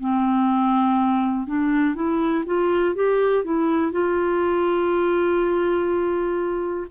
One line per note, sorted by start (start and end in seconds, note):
0.00 1.47 C4
1.47 1.95 D4
1.95 2.44 E4
2.46 2.95 F4
2.95 3.44 G4
3.44 3.92 E4
3.92 6.87 F4